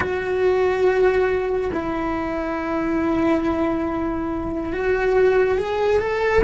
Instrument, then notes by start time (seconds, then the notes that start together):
cello
0.00 F#4
1.73 E4
4.72 F#4
5.58 G#4
5.99 A4